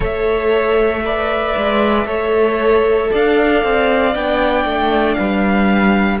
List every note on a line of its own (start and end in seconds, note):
0.00 1.55 A3
0.00 1.03 A4
0.00 1.03 C#5
0.00 3.14 E5
1.04 2.05 B4
1.04 2.06 D5
1.57 2.06 G#3
2.05 3.09 A3
2.05 4.12 A4
2.05 3.10 C#5
3.11 3.63 D4
3.11 5.18 D5
3.11 4.15 F5
3.63 4.15 C4
4.14 4.64 B3
4.14 6.20 D4
4.14 5.14 G5
4.64 5.16 A3
5.14 6.20 G3
5.14 6.20 B4
5.14 6.17 F5